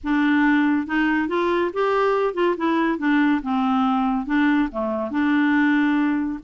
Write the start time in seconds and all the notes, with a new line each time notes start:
0.03 D4
0.86 D#4
1.28 F4
1.73 G4
2.34 F4
2.57 E4
2.98 D4
3.42 C4
4.25 D4
4.71 A3
5.10 D4